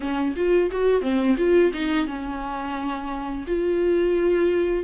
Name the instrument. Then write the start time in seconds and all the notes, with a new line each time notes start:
viola
0.00 C#4
0.36 F4
0.71 F#4
1.01 C4
1.37 F4
1.73 D#4
2.06 C#4
3.47 F4